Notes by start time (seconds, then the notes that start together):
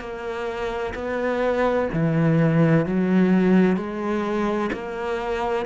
0.00 A#3
0.95 B3
1.93 E3
2.86 F#3
3.77 G#3
4.73 A#3